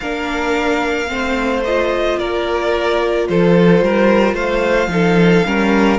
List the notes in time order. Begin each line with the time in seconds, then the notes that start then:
0.00 A#3 D4 A#4 F5
1.07 A3 C4 C5
1.64 F4 D#5
2.18 A#3 A#4 D5
3.28 F3 A4 C5
3.82 G3 A#4
4.33 A3 C5 F5
4.87 F3 D#4 A4
5.45 G3 C#4 A#4